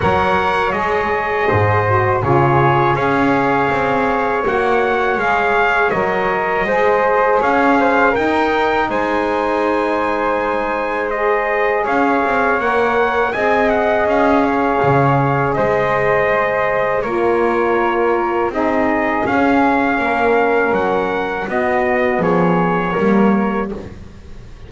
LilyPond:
<<
  \new Staff \with { instrumentName = "trumpet" } { \time 4/4 \tempo 4 = 81 fis''4 dis''2 cis''4 | f''2 fis''4 f''4 | dis''2 f''4 g''4 | gis''2. dis''4 |
f''4 fis''4 gis''8 fis''8 f''4~ | f''4 dis''2 cis''4~ | cis''4 dis''4 f''2 | fis''4 dis''4 cis''2 | }
  \new Staff \with { instrumentName = "flute" } { \time 4/4 cis''2 c''4 gis'4 | cis''1~ | cis''4 c''4 cis''8 c''8 ais'4 | c''1 |
cis''2 dis''4. cis''8~ | cis''4 c''2 ais'4~ | ais'4 gis'2 ais'4~ | ais'4 fis'4 gis'4 ais'4 | }
  \new Staff \with { instrumentName = "saxophone" } { \time 4/4 ais'4 gis'4. fis'8 f'4 | gis'2 fis'4 gis'4 | ais'4 gis'2 dis'4~ | dis'2. gis'4~ |
gis'4 ais'4 gis'2~ | gis'2. f'4~ | f'4 dis'4 cis'2~ | cis'4 b2 ais4 | }
  \new Staff \with { instrumentName = "double bass" } { \time 4/4 fis4 gis4 gis,4 cis4 | cis'4 c'4 ais4 gis4 | fis4 gis4 cis'4 dis'4 | gis1 |
cis'8 c'8 ais4 c'4 cis'4 | cis4 gis2 ais4~ | ais4 c'4 cis'4 ais4 | fis4 b4 f4 g4 | }
>>